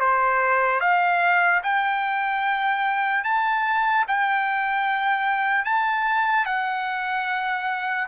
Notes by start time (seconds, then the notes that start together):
0.00 C5
0.80 F5
1.63 G5
3.24 A5
4.08 G5
5.65 A5
6.46 F#5